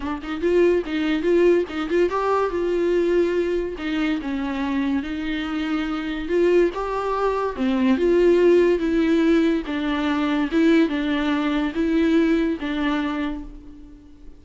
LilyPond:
\new Staff \with { instrumentName = "viola" } { \time 4/4 \tempo 4 = 143 d'8 dis'8 f'4 dis'4 f'4 | dis'8 f'8 g'4 f'2~ | f'4 dis'4 cis'2 | dis'2. f'4 |
g'2 c'4 f'4~ | f'4 e'2 d'4~ | d'4 e'4 d'2 | e'2 d'2 | }